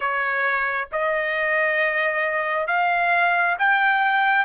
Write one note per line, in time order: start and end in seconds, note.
0.00 0.88 C#5
0.92 2.67 D#5
2.67 3.56 F5
3.58 4.45 G5